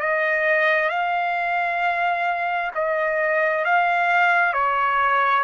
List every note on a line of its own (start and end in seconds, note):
0.00 0.89 D#5
0.89 2.71 F5
2.74 3.64 D#5
3.64 4.53 F5
4.53 5.43 C#5